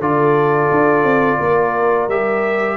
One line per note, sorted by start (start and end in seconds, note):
0.00 0.70 D3
0.00 2.10 F4
0.00 1.40 A4
0.00 2.10 D5
0.72 1.04 D4
1.04 1.39 C4
1.40 2.08 A#3
1.40 2.78 A#4
2.08 2.78 G3
2.08 2.78 G4
2.08 2.78 E5